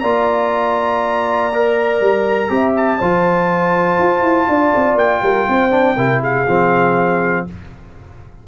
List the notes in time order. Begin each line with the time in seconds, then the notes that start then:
0.00 A#3 F4 D5 A#5
1.54 A#4
2.01 G3
2.50 C4 G4 E5
2.77 A5
2.99 F3 F4 C5
3.99 F4
4.22 E4
4.49 D4 D5
4.76 C4
4.95 A#3 G5
5.23 G3 A#4
5.49 C4 C5
5.71 D4
5.97 C3 E4 A#4
6.21 G#4 F5
6.48 F3 C4